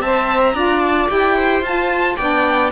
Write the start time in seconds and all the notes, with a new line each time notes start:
0.00 C4 C5 E5 A5
0.40 A#5
0.54 D4 F4 D5
0.79 A5
1.09 E4 G4 G5
1.36 C5
1.61 F4 A5
2.16 B3 D4 D5 G5